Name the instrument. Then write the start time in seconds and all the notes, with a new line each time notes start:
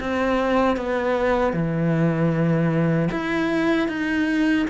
cello
0.00 C4
0.77 B3
1.53 E3
3.11 E4
3.88 D#4